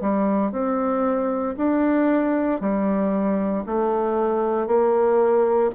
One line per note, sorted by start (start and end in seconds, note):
0.00 0.51 G3
0.51 1.55 C4
1.57 2.60 D4
2.60 3.63 G3
3.66 4.66 A3
4.66 5.70 A#3